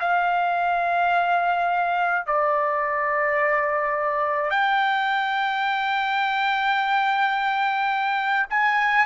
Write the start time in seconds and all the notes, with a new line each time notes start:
0.00 F5
2.26 D5
4.50 G5
8.50 G#5